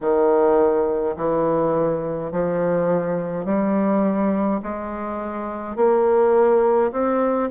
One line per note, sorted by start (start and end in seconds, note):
0.00 1.15 D#3
1.16 2.31 E3
2.31 3.45 F3
3.45 4.60 G3
4.63 5.76 G#3
5.76 6.91 A#3
6.92 7.49 C4